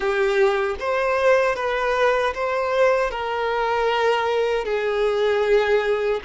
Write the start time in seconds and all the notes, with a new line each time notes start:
0.00 G4
0.79 C5
1.55 B4
2.34 C5
3.10 A#4
4.64 G#4